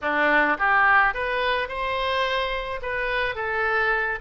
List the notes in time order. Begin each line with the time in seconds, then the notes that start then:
0.01 D4
0.58 G4
1.13 B4
1.68 C5
2.82 B4
3.35 A4